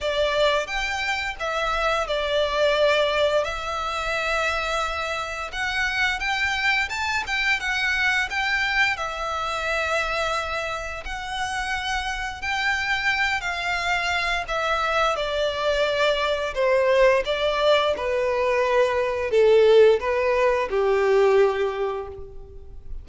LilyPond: \new Staff \with { instrumentName = "violin" } { \time 4/4 \tempo 4 = 87 d''4 g''4 e''4 d''4~ | d''4 e''2. | fis''4 g''4 a''8 g''8 fis''4 | g''4 e''2. |
fis''2 g''4. f''8~ | f''4 e''4 d''2 | c''4 d''4 b'2 | a'4 b'4 g'2 | }